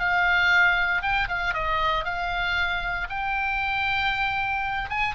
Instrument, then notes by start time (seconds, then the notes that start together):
oboe
0.00 F5
1.03 G5
1.29 F5
1.54 D#5
2.05 F5
3.10 G5
4.90 G#5